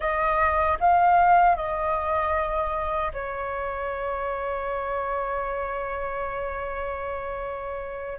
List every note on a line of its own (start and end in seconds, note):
0.00 0.78 D#5
0.80 1.56 F5
1.56 3.12 D#5
3.13 8.19 C#5